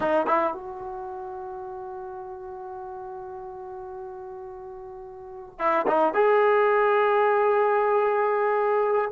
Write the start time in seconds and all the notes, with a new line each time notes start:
0.00 D#4
0.26 E4
0.54 F#4
5.59 E4
5.87 D#4
6.13 G#4